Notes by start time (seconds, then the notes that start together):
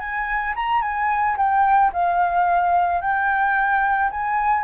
0.00 G#5
0.56 A#5
0.82 G#5
1.38 G5
1.93 F5
3.02 G5
4.11 G#5